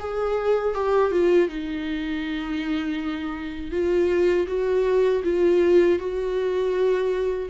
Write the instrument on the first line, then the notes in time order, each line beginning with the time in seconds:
viola
0.00 G#4
0.75 G4
1.12 F4
1.49 D#4
3.72 F4
4.48 F#4
5.24 F4
5.99 F#4